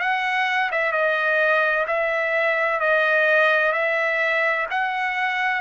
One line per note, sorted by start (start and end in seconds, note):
0.00 0.70 F#5
0.72 0.92 E5
0.92 1.86 D#5
1.87 2.80 E5
2.80 3.73 D#5
3.73 4.67 E5
4.70 5.61 F#5